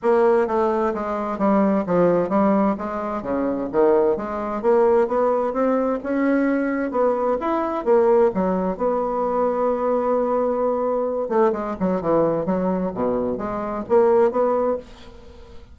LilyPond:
\new Staff \with { instrumentName = "bassoon" } { \time 4/4 \tempo 4 = 130 ais4 a4 gis4 g4 | f4 g4 gis4 cis4 | dis4 gis4 ais4 b4 | c'4 cis'2 b4 |
e'4 ais4 fis4 b4~ | b1~ | b8 a8 gis8 fis8 e4 fis4 | b,4 gis4 ais4 b4 | }